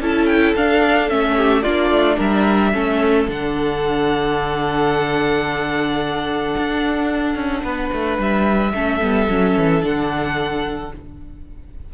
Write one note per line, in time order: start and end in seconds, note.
0.00 0.55 C#4
0.00 0.57 E4
0.00 1.36 A4
0.00 0.26 A5
0.26 0.54 G5
0.56 1.11 D4
0.56 1.09 D4
0.56 1.09 F5
1.09 1.65 A3
1.09 1.64 C#4
1.09 1.63 E5
1.36 1.63 G4
1.63 1.91 A#3
1.63 2.73 D4
1.63 2.17 F4
1.63 2.17 D5
1.91 2.18 A3
2.17 2.74 G3
2.17 2.72 A#4
2.17 3.30 E5
2.73 3.28 A3
2.73 3.28 C#4
2.73 7.64 A4
3.28 6.55 D3
3.28 8.74 D4
3.28 8.21 F#5
6.57 7.36 D4
7.36 7.63 C#4
7.63 7.91 B3
7.63 8.73 B4
7.93 8.18 A3
8.18 8.73 G3
8.18 9.85 E5
8.74 9.01 A3
8.74 9.01 C#4
8.74 10.93 A4
9.01 9.29 G3
9.01 9.29 B3
9.29 9.56 F#3
9.29 9.81 C#4
9.57 9.84 E3
9.81 10.93 D3
9.81 10.90 D4
9.81 10.94 F#5